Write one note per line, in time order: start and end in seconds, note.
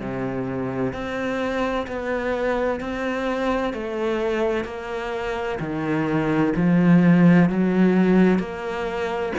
0.00 0.93 C3
0.93 1.87 C4
1.87 2.80 B3
2.80 3.74 C4
3.74 4.65 A3
4.65 5.59 A#3
5.60 6.54 D#3
6.56 7.50 F3
7.50 8.39 F#3
8.39 9.33 A#3